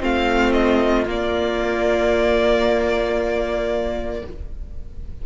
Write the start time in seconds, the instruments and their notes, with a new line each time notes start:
0.00 cello A3, viola C4, violin F4 F5
0.52 violin D#5
1.06 cello A#3, viola A#3, violin D5